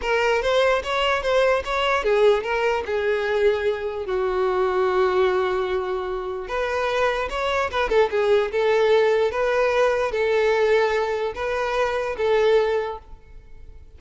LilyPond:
\new Staff \with { instrumentName = "violin" } { \time 4/4 \tempo 4 = 148 ais'4 c''4 cis''4 c''4 | cis''4 gis'4 ais'4 gis'4~ | gis'2 fis'2~ | fis'1 |
b'2 cis''4 b'8 a'8 | gis'4 a'2 b'4~ | b'4 a'2. | b'2 a'2 | }